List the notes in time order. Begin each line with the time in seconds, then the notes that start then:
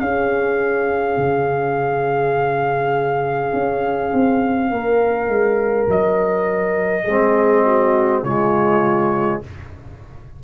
0.00 C#4 G#4 F5
1.18 C#3
3.54 C#4
4.13 C4
4.71 A#3 A#4
5.29 G#3
5.88 F#3 D#5
7.05 G#3 C4 G#4
7.66 F#4
8.24 C#3 G#3 F4 C#5